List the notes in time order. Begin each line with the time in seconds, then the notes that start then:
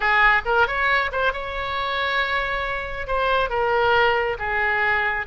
0.00 G#4
0.45 A#4
0.67 C#5
1.11 C5
1.33 C#5
3.07 C5
3.49 A#4
4.39 G#4